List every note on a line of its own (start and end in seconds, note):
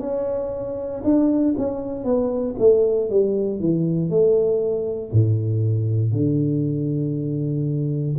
0.00 1.02 C#4
1.04 1.54 D4
1.57 2.04 C#4
2.04 2.55 B3
2.59 3.10 A3
3.10 3.60 G3
3.60 4.10 E3
4.10 5.11 A3
5.12 6.13 A2
6.13 8.16 D3